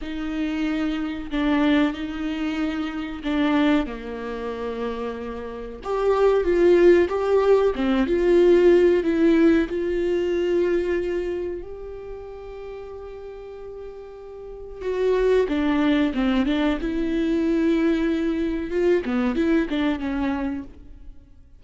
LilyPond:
\new Staff \with { instrumentName = "viola" } { \time 4/4 \tempo 4 = 93 dis'2 d'4 dis'4~ | dis'4 d'4 ais2~ | ais4 g'4 f'4 g'4 | c'8 f'4. e'4 f'4~ |
f'2 g'2~ | g'2. fis'4 | d'4 c'8 d'8 e'2~ | e'4 f'8 b8 e'8 d'8 cis'4 | }